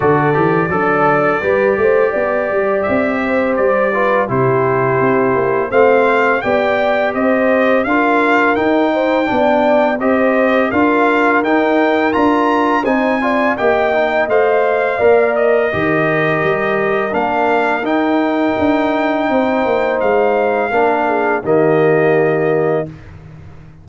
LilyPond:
<<
  \new Staff \with { instrumentName = "trumpet" } { \time 4/4 \tempo 4 = 84 d''1 | e''4 d''4 c''2 | f''4 g''4 dis''4 f''4 | g''2 dis''4 f''4 |
g''4 ais''4 gis''4 g''4 | f''4. dis''2~ dis''8 | f''4 g''2. | f''2 dis''2 | }
  \new Staff \with { instrumentName = "horn" } { \time 4/4 a'4 d'4 b'8 c''8 d''4~ | d''8 c''4 b'8 g'2 | c''4 d''4 c''4 ais'4~ | ais'8 c''8 d''4 c''4 ais'4~ |
ais'2 c''8 d''8 dis''4~ | dis''4 d''4 ais'2~ | ais'2. c''4~ | c''4 ais'8 gis'8 g'2 | }
  \new Staff \with { instrumentName = "trombone" } { \time 4/4 fis'8 g'8 a'4 g'2~ | g'4. f'8 e'2 | c'4 g'2 f'4 | dis'4 d'4 g'4 f'4 |
dis'4 f'4 dis'8 f'8 g'8 dis'8 | c''4 ais'4 g'2 | d'4 dis'2.~ | dis'4 d'4 ais2 | }
  \new Staff \with { instrumentName = "tuba" } { \time 4/4 d8 e8 fis4 g8 a8 b8 g8 | c'4 g4 c4 c'8 ais8 | a4 b4 c'4 d'4 | dis'4 b4 c'4 d'4 |
dis'4 d'4 c'4 ais4 | a4 ais4 dis4 g4 | ais4 dis'4 d'4 c'8 ais8 | gis4 ais4 dis2 | }
>>